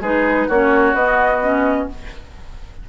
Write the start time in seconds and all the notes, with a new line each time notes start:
0.00 G#3 D#4 G#4 B4
0.47 A#3 C#4 F#4 C#5
0.93 B3 D#5
1.42 C#4